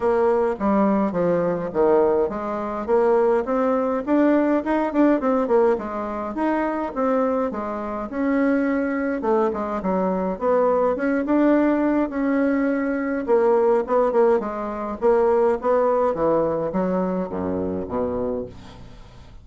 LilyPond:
\new Staff \with { instrumentName = "bassoon" } { \time 4/4 \tempo 4 = 104 ais4 g4 f4 dis4 | gis4 ais4 c'4 d'4 | dis'8 d'8 c'8 ais8 gis4 dis'4 | c'4 gis4 cis'2 |
a8 gis8 fis4 b4 cis'8 d'8~ | d'4 cis'2 ais4 | b8 ais8 gis4 ais4 b4 | e4 fis4 fis,4 b,4 | }